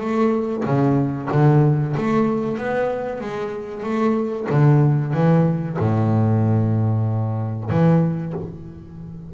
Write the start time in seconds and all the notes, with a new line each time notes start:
0.00 A3
0.65 C#3
1.31 D3
1.97 A3
2.58 B3
3.21 G#3
3.83 A3
4.49 D3
5.14 E3
5.79 A2
7.70 E3